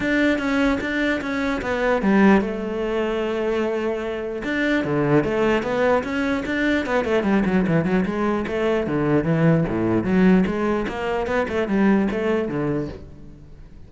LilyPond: \new Staff \with { instrumentName = "cello" } { \time 4/4 \tempo 4 = 149 d'4 cis'4 d'4 cis'4 | b4 g4 a2~ | a2. d'4 | d4 a4 b4 cis'4 |
d'4 b8 a8 g8 fis8 e8 fis8 | gis4 a4 d4 e4 | a,4 fis4 gis4 ais4 | b8 a8 g4 a4 d4 | }